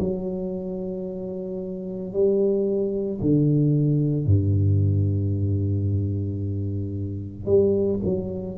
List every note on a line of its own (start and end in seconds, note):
0.00 2.13 F#3
2.13 3.20 G3
3.21 4.26 D3
4.26 7.46 G2
7.46 8.00 G3
8.05 8.58 F#3